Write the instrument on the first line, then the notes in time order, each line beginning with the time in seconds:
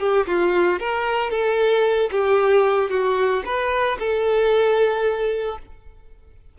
violin
0.00 G4
0.27 F4
0.80 A#4
1.31 A4
2.11 G4
2.90 F#4
3.45 B4
3.99 A4